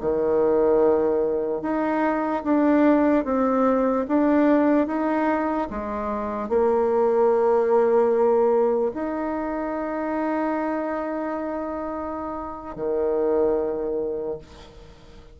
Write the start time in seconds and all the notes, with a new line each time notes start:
0.00 D#3
1.61 D#4
2.43 D4
3.24 C4
4.07 D4
4.87 D#4
5.70 G#3
6.49 A#3
8.93 D#4
12.76 D#3